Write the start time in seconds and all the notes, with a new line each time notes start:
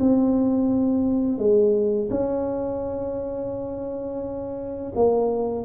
0.00 C4
1.38 G#3
2.10 C#4
4.95 A#3